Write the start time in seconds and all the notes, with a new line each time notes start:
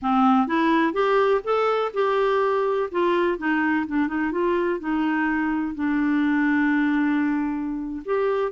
0.02 C4
0.47 E4
0.93 G4
1.44 A4
1.93 G4
2.91 F4
3.38 D#4
3.86 D4
4.07 D#4
4.31 F4
4.79 D#4
5.75 D4
8.05 G4